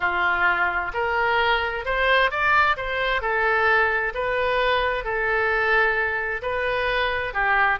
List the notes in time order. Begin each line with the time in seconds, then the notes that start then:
0.00 F4
0.93 A#4
1.85 C5
2.30 D5
2.76 C5
3.21 A4
4.14 B4
5.04 A4
6.41 B4
7.33 G4